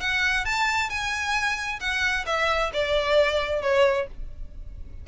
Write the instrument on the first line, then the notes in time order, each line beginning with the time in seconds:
violin
0.00 F#5
0.45 A5
0.89 G#5
1.80 F#5
2.26 E5
2.73 D5
3.62 C#5